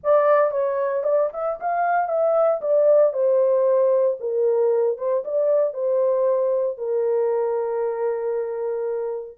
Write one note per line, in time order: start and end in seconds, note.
0.03 0.51 D5
0.51 1.03 C#5
1.03 1.29 D5
1.33 1.59 E5
1.60 2.08 F5
2.08 2.60 E5
2.61 3.13 D5
3.13 4.17 C5
4.20 4.97 A#4
4.97 5.23 C5
5.24 5.73 D5
5.73 6.77 C5
6.77 9.38 A#4